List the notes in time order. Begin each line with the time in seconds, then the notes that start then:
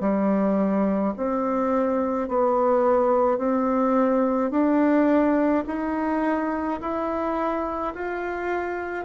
0.00 G3
1.16 C4
2.28 B3
3.38 C4
4.50 D4
5.67 D#4
6.80 E4
7.94 F4